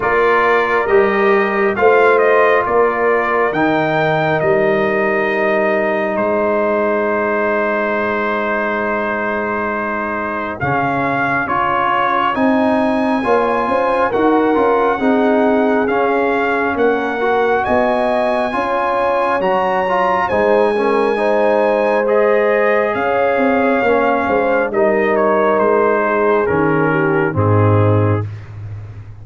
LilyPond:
<<
  \new Staff \with { instrumentName = "trumpet" } { \time 4/4 \tempo 4 = 68 d''4 dis''4 f''8 dis''8 d''4 | g''4 dis''2 c''4~ | c''1 | f''4 cis''4 gis''2 |
fis''2 f''4 fis''4 | gis''2 ais''4 gis''4~ | gis''4 dis''4 f''2 | dis''8 cis''8 c''4 ais'4 gis'4 | }
  \new Staff \with { instrumentName = "horn" } { \time 4/4 ais'2 c''4 ais'4~ | ais'2. gis'4~ | gis'1~ | gis'2. cis''8 c''8 |
ais'4 gis'2 ais'4 | dis''4 cis''2 c''8 ais'8 | c''2 cis''4. c''8 | ais'4. gis'4 g'8 dis'4 | }
  \new Staff \with { instrumentName = "trombone" } { \time 4/4 f'4 g'4 f'2 | dis'1~ | dis'1 | cis'4 f'4 dis'4 f'4 |
fis'8 f'8 dis'4 cis'4. fis'8~ | fis'4 f'4 fis'8 f'8 dis'8 cis'8 | dis'4 gis'2 cis'4 | dis'2 cis'4 c'4 | }
  \new Staff \with { instrumentName = "tuba" } { \time 4/4 ais4 g4 a4 ais4 | dis4 g2 gis4~ | gis1 | cis4 cis'4 c'4 ais8 cis'8 |
dis'8 cis'8 c'4 cis'4 ais4 | b4 cis'4 fis4 gis4~ | gis2 cis'8 c'8 ais8 gis8 | g4 gis4 dis4 gis,4 | }
>>